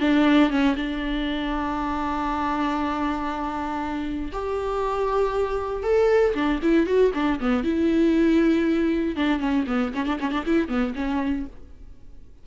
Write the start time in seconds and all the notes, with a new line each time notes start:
0.00 D4
0.50 C#4
0.76 D4
4.32 G4
5.83 A4
6.34 D4
6.62 E4
6.86 F#4
7.14 D4
7.40 B3
7.64 E4
9.16 D4
9.40 C#4
9.67 B3
9.94 C#4
10.06 D4
10.20 C#4
10.31 D4
10.46 E4
10.68 B3
10.95 C#4